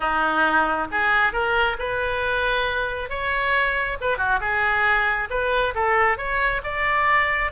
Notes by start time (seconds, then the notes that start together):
0.00 D#4
0.91 G#4
1.32 A#4
1.78 B4
3.09 C#5
4.00 B4
4.17 F#4
4.40 G#4
5.29 B4
5.75 A4
6.17 C#5
6.63 D5